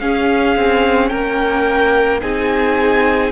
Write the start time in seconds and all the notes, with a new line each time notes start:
0.00 C#4 G#4 F5
0.57 C4
1.09 A#3 A#4 G5
2.22 C4 D#4 G#4 G#5